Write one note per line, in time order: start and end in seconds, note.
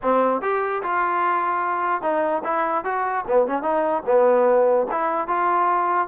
0.02 0.41 C4
0.41 0.82 G4
0.83 2.02 F4
2.02 2.42 D#4
2.44 2.84 E4
2.84 3.25 F#4
3.27 3.46 B3
3.46 3.62 C#4
3.62 4.02 D#4
4.05 4.86 B3
4.91 5.27 E4
5.27 6.08 F4